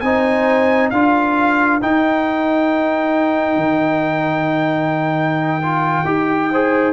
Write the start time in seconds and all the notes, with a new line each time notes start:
0.00 C4 D#4 C5 G#5
0.90 D4 F4 A#4 F5
1.82 D#4 G5
3.57 D#3
5.63 F4
6.05 D#4 G4
6.51 G#4 C5